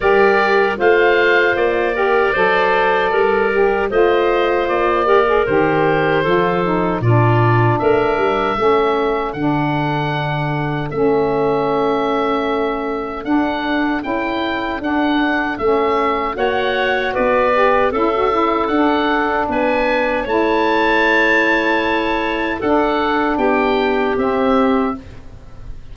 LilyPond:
<<
  \new Staff \with { instrumentName = "oboe" } { \time 4/4 \tempo 4 = 77 d''4 f''4 d''2~ | d''4 dis''4 d''4 c''4~ | c''4 d''4 e''2 | fis''2 e''2~ |
e''4 fis''4 g''4 fis''4 | e''4 fis''4 d''4 e''4 | fis''4 gis''4 a''2~ | a''4 fis''4 g''4 e''4 | }
  \new Staff \with { instrumentName = "clarinet" } { \time 4/4 ais'4 c''4. ais'8 c''4 | ais'4 c''4. ais'4. | a'4 f'4 ais'4 a'4~ | a'1~ |
a'1~ | a'4 cis''4 b'4 a'4~ | a'4 b'4 cis''2~ | cis''4 a'4 g'2 | }
  \new Staff \with { instrumentName = "saxophone" } { \time 4/4 g'4 f'4. g'8 a'4~ | a'8 g'8 f'4. g'16 gis'16 g'4 | f'8 dis'8 d'2 cis'4 | d'2 cis'2~ |
cis'4 d'4 e'4 d'4 | cis'4 fis'4. g'8 e'16 fis'16 e'8 | d'2 e'2~ | e'4 d'2 c'4 | }
  \new Staff \with { instrumentName = "tuba" } { \time 4/4 g4 a4 ais4 fis4 | g4 a4 ais4 dis4 | f4 ais,4 a8 g8 a4 | d2 a2~ |
a4 d'4 cis'4 d'4 | a4 ais4 b4 cis'4 | d'4 b4 a2~ | a4 d'4 b4 c'4 | }
>>